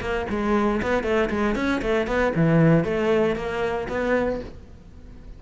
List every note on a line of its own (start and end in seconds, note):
0.00 0.26 A#3
0.29 0.81 G#3
0.82 1.03 B3
1.03 1.29 A3
1.29 1.55 G#3
1.55 1.81 C#4
1.81 2.07 A3
2.07 2.33 B3
2.35 2.84 E3
2.84 3.35 A3
3.35 3.87 A#3
3.88 4.40 B3